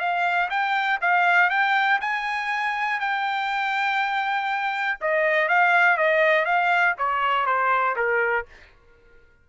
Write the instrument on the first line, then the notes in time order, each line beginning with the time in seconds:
trumpet
0.00 F5
0.50 G5
1.01 F5
1.50 G5
2.01 G#5
3.00 G5
5.01 D#5
5.49 F5
5.98 D#5
6.46 F5
6.98 C#5
7.46 C5
7.96 A#4